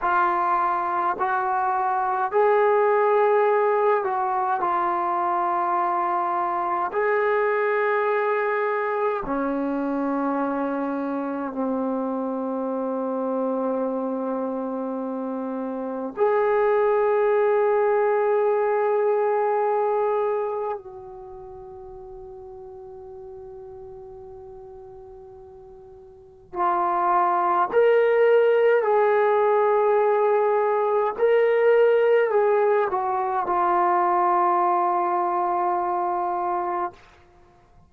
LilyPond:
\new Staff \with { instrumentName = "trombone" } { \time 4/4 \tempo 4 = 52 f'4 fis'4 gis'4. fis'8 | f'2 gis'2 | cis'2 c'2~ | c'2 gis'2~ |
gis'2 fis'2~ | fis'2. f'4 | ais'4 gis'2 ais'4 | gis'8 fis'8 f'2. | }